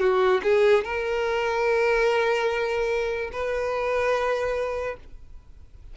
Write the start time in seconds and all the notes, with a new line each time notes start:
0.00 F#4
0.43 G#4
0.84 A#4
3.33 B4